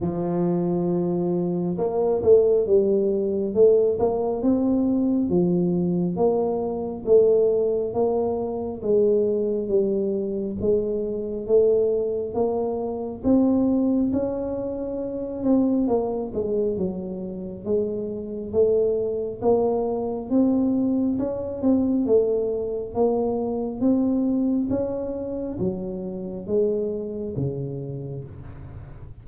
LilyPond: \new Staff \with { instrumentName = "tuba" } { \time 4/4 \tempo 4 = 68 f2 ais8 a8 g4 | a8 ais8 c'4 f4 ais4 | a4 ais4 gis4 g4 | gis4 a4 ais4 c'4 |
cis'4. c'8 ais8 gis8 fis4 | gis4 a4 ais4 c'4 | cis'8 c'8 a4 ais4 c'4 | cis'4 fis4 gis4 cis4 | }